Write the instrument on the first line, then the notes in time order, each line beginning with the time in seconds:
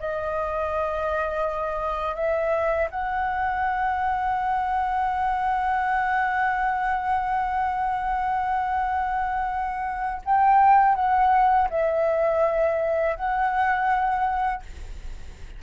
flute
0.00 D#5
2.15 E5
2.91 F#5
10.25 G5
10.96 F#5
11.70 E5
13.16 F#5